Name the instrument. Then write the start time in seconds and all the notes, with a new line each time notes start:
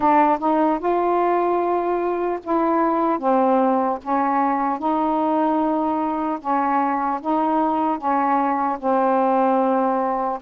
saxophone
0.00 D4
0.39 D#4
0.79 F4
2.43 E4
3.18 C4
4.03 C#4
4.79 D#4
6.40 C#4
7.21 D#4
7.97 C#4
8.79 C4